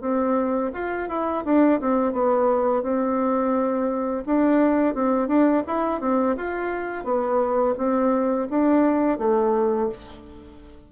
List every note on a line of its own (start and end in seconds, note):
0.00 0.71 C4
0.73 1.08 F4
1.08 1.43 E4
1.45 1.80 D4
1.80 2.12 C4
2.12 2.82 B3
2.82 4.24 C4
4.25 4.94 D4
4.94 5.27 C4
5.27 5.63 D4
5.66 6.00 E4
6.00 6.35 C4
6.36 7.04 F4
7.04 7.74 B3
7.77 8.47 C4
8.50 9.18 D4
9.18 9.89 A3